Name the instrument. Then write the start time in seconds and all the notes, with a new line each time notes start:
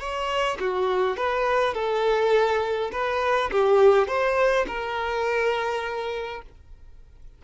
violin
0.00 C#5
0.61 F#4
1.17 B4
1.74 A4
2.93 B4
3.52 G4
4.08 C5
4.68 A#4